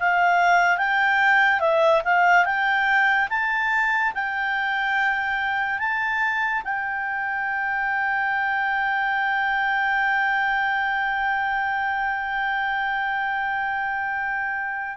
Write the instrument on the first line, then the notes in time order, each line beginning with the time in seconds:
clarinet
0.00 F5
0.78 G5
1.61 E5
2.05 F5
2.45 G5
3.30 A5
4.15 G5
5.80 A5
6.65 G5